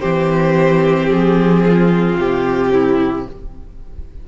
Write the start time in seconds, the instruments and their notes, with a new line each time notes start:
0.00 cello E3, viola C4, violin G4 C5
1.10 cello F3, violin G#4
1.66 violin F4
2.17 cello C3, violin G4
2.72 violin E4